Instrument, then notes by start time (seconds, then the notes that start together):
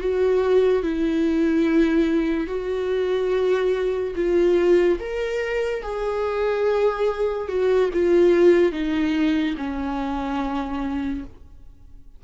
viola
0.00 F#4
0.83 E4
2.47 F#4
4.16 F4
5.00 A#4
5.82 G#4
7.48 F#4
7.94 F4
8.72 D#4
9.57 C#4